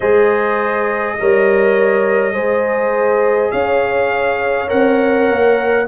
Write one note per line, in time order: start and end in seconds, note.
0.00 1.18 G#3
0.00 1.18 G#4
0.00 1.16 C5
0.00 3.51 D#5
1.19 2.33 G3
1.19 2.33 A#4
1.19 2.34 C#5
2.33 3.51 G#3
2.33 4.67 G#4
2.33 3.51 C5
3.51 4.71 C#4
3.51 5.87 C#5
3.51 4.68 F5
4.67 5.29 C4
4.67 5.85 A#4
4.67 5.87 F#5
5.29 5.88 A#3